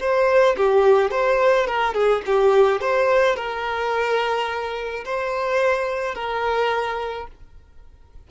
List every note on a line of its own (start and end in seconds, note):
0.00 0.56 C5
0.57 1.11 G4
1.11 1.67 C5
1.67 1.94 A#4
1.94 2.22 G#4
2.26 2.81 G4
2.81 3.36 C5
3.36 5.04 A#4
5.05 6.15 C5
6.15 7.27 A#4